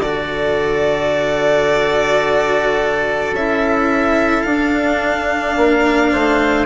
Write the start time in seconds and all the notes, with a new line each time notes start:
0.00 D3 F#4 A4 D5
3.32 C#4 E4 E5
4.43 D4 F5
5.56 A#3 A#4
6.12 A3 C5